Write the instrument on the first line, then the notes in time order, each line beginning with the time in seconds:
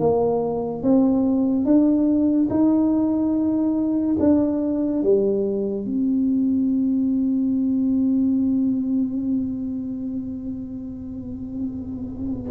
tuba
0.00 A#3
0.83 C4
1.66 D4
2.50 D#4
4.20 D4
5.03 G3
5.86 C4